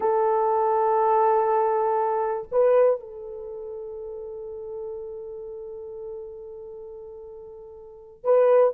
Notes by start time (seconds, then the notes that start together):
0.00 A4
2.51 B4
3.00 A4
8.23 B4